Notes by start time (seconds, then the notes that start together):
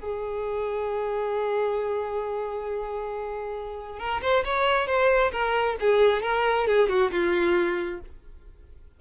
0.00 G#4
3.99 A#4
4.22 C5
4.45 C#5
4.87 C5
5.32 A#4
5.80 G#4
6.23 A#4
6.67 G#4
6.89 F#4
7.12 F4